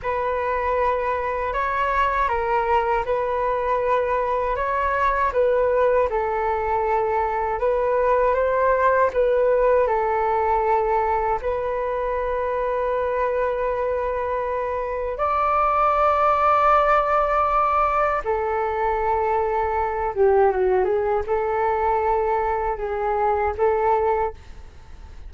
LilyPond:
\new Staff \with { instrumentName = "flute" } { \time 4/4 \tempo 4 = 79 b'2 cis''4 ais'4 | b'2 cis''4 b'4 | a'2 b'4 c''4 | b'4 a'2 b'4~ |
b'1 | d''1 | a'2~ a'8 g'8 fis'8 gis'8 | a'2 gis'4 a'4 | }